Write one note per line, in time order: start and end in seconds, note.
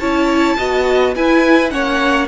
0.00 0.58 C#4
0.00 0.58 E4
0.00 0.57 C#5
0.00 1.15 A5
0.58 1.16 B3
0.58 1.15 F#4
0.58 1.15 D#5
1.16 1.71 E4
1.16 1.73 E4
1.16 1.73 B4
1.16 1.70 G#5
1.70 2.28 A#3
1.70 2.28 C#4
1.70 2.28 C#5
1.70 2.28 F#5